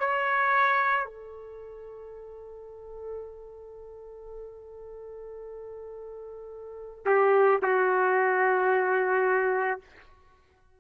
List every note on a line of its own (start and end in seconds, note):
0.00 1.06 C#5
1.06 7.06 A4
7.06 7.61 G4
7.63 9.81 F#4